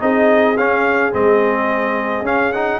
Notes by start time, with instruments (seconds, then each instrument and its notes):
0.00 tuba C4, trombone D#4, horn G#4, trumpet D#5
0.57 tuba C#4, trombone C#4, trumpet F5
1.12 tuba G#3, trombone C4, trumpet D#5
2.21 tuba C#4, trombone C#4, trumpet F5
2.52 trombone D#4, trumpet F#5